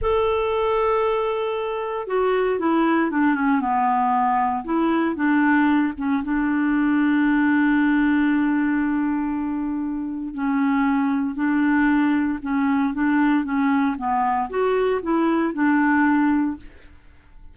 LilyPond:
\new Staff \with { instrumentName = "clarinet" } { \time 4/4 \tempo 4 = 116 a'1 | fis'4 e'4 d'8 cis'8 b4~ | b4 e'4 d'4. cis'8 | d'1~ |
d'1 | cis'2 d'2 | cis'4 d'4 cis'4 b4 | fis'4 e'4 d'2 | }